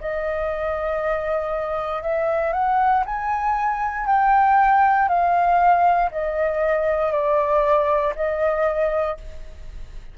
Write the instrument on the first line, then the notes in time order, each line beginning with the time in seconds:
flute
0.00 D#5
2.02 E5
2.53 F#5
3.05 G#5
4.06 G5
5.08 F5
6.11 D#5
7.11 D5
8.15 D#5